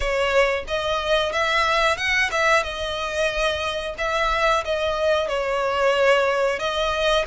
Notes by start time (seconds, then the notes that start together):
0.00 C#5
0.67 D#5
1.32 E5
1.97 F#5
2.31 E5
2.63 D#5
3.97 E5
4.65 D#5
5.27 C#5
6.59 D#5